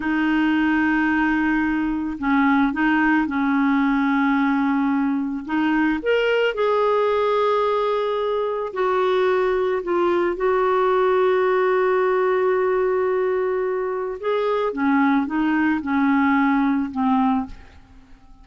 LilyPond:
\new Staff \with { instrumentName = "clarinet" } { \time 4/4 \tempo 4 = 110 dis'1 | cis'4 dis'4 cis'2~ | cis'2 dis'4 ais'4 | gis'1 |
fis'2 f'4 fis'4~ | fis'1~ | fis'2 gis'4 cis'4 | dis'4 cis'2 c'4 | }